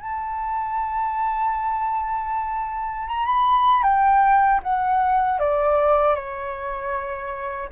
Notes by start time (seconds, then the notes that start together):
0.00 A5
3.07 A#5
3.25 B5
3.83 G5
4.63 F#5
5.39 D5
6.15 C#5